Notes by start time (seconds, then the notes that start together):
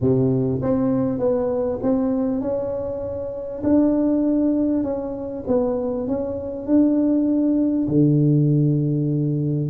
0.00 C3
0.62 C4
1.18 B3
1.82 C4
2.41 C#4
3.63 D4
4.83 C#4
5.47 B3
6.07 C#4
6.66 D4
7.88 D3